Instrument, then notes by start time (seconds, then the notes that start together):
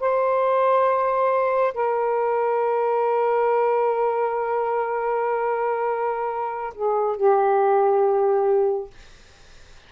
saxophone
0.00 C5
1.74 A#4
6.75 G#4
7.17 G4